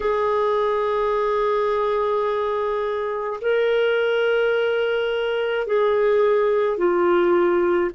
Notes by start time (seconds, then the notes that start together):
0.00 G#4
3.41 A#4
5.67 G#4
6.77 F4